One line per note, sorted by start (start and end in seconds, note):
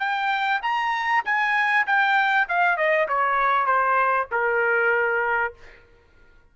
0.00 0.61 G5
0.63 1.24 A#5
1.26 1.87 G#5
1.87 2.48 G5
2.49 2.77 F5
2.77 3.08 D#5
3.08 3.67 C#5
3.67 4.28 C5
4.32 5.54 A#4